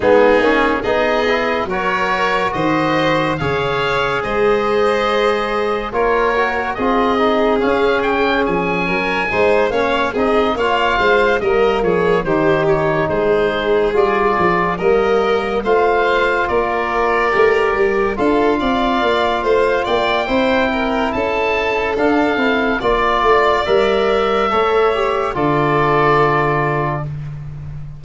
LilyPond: <<
  \new Staff \with { instrumentName = "oboe" } { \time 4/4 \tempo 4 = 71 gis'4 dis''4 cis''4 dis''4 | f''4 dis''2 cis''4 | dis''4 f''8 g''8 gis''4. f''8 | dis''8 f''4 dis''8 cis''8 c''8 cis''8 c''8~ |
c''8 d''4 dis''4 f''4 d''8~ | d''4. f''2 g''8~ | g''4 a''4 f''4 d''4 | e''2 d''2 | }
  \new Staff \with { instrumentName = "violin" } { \time 4/4 dis'4 gis'4 ais'4 c''4 | cis''4 c''2 ais'4 | gis'2~ gis'8 ais'8 c''8 cis''8 | gis'8 cis''8 c''8 ais'8 gis'8 g'4 gis'8~ |
gis'4. ais'4 c''4 ais'8~ | ais'4. a'8 d''4 c''8 d''8 | c''8 ais'8 a'2 d''4~ | d''4 cis''4 a'2 | }
  \new Staff \with { instrumentName = "trombone" } { \time 4/4 b8 cis'8 dis'8 e'8 fis'2 | gis'2. f'8 fis'8 | f'8 dis'8 cis'2 dis'8 cis'8 | dis'8 f'4 ais4 dis'4.~ |
dis'8 f'4 ais4 f'4.~ | f'8 g'4 f'2~ f'8 | e'2 d'8 e'8 f'4 | ais'4 a'8 g'8 f'2 | }
  \new Staff \with { instrumentName = "tuba" } { \time 4/4 gis8 ais8 b4 fis4 dis4 | cis4 gis2 ais4 | c'4 cis'4 f8 fis8 gis8 ais8 | c'8 ais8 gis8 g8 f8 dis4 gis8~ |
gis8 g8 f8 g4 a4 ais8~ | ais8 a8 g8 d'8 c'8 ais8 a8 ais8 | c'4 cis'4 d'8 c'8 ais8 a8 | g4 a4 d2 | }
>>